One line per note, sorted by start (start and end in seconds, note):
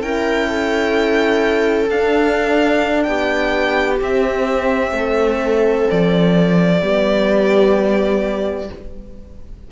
0.00 1.90 C#4
0.00 1.88 E4
0.00 0.48 A#4
0.00 1.89 G5
0.48 3.06 A4
1.90 3.07 D4
1.90 4.01 D4
1.90 3.03 F5
3.03 4.00 B3
3.03 4.95 G4
3.03 3.97 G5
4.01 4.91 C4
4.01 6.81 C4
4.01 5.90 E5
4.91 5.85 A3
4.91 6.82 A4
5.90 6.82 F3
5.90 8.71 D5
6.81 8.69 G3
6.81 8.68 B3
6.81 8.70 G4